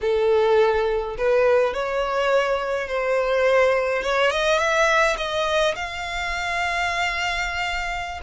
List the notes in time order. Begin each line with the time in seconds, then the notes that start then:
0.01 A4
1.17 B4
1.73 C#5
2.88 C5
4.02 C#5
4.30 D#5
4.58 E5
5.17 D#5
5.75 F5